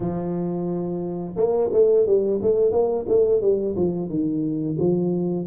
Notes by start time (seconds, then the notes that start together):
0.00 F3
1.36 A#3
1.72 A3
2.06 G3
2.42 A3
2.71 A#3
3.08 A3
3.41 G3
3.76 F3
4.09 D#3
4.79 F3